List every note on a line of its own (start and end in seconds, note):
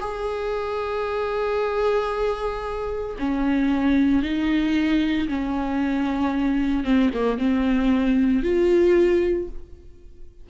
0.00 3.16 G#4
3.19 4.22 C#4
4.22 5.27 D#4
5.28 6.84 C#4
6.84 7.10 C4
7.13 7.38 A#3
7.38 8.43 C4
8.43 9.48 F4